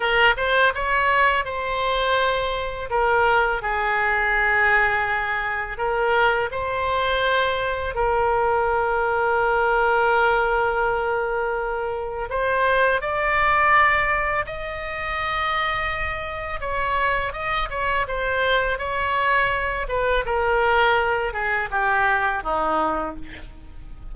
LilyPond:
\new Staff \with { instrumentName = "oboe" } { \time 4/4 \tempo 4 = 83 ais'8 c''8 cis''4 c''2 | ais'4 gis'2. | ais'4 c''2 ais'4~ | ais'1~ |
ais'4 c''4 d''2 | dis''2. cis''4 | dis''8 cis''8 c''4 cis''4. b'8 | ais'4. gis'8 g'4 dis'4 | }